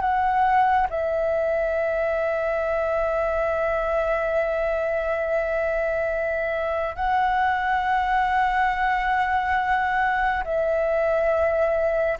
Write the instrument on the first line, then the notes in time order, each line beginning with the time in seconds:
flute
0.00 F#5
0.89 E5
6.95 F#5
10.44 E5